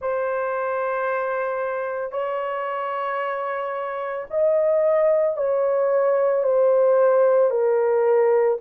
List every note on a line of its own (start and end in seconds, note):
0.01 2.11 C5
2.11 4.26 C#5
4.30 5.36 D#5
5.36 6.43 C#5
6.43 7.50 C5
7.50 8.57 A#4